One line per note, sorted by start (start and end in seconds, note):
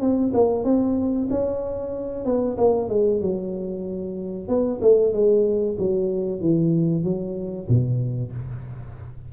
0.00 0.32 C4
0.33 0.64 A#3
0.64 1.28 C4
1.30 2.25 C#4
2.25 2.56 B3
2.57 2.89 A#3
2.89 3.21 G#3
3.21 4.48 F#3
4.48 4.80 B3
4.81 5.12 A3
5.12 5.76 G#3
5.78 6.40 F#3
6.40 7.03 E3
7.03 7.67 F#3
7.68 8.32 B2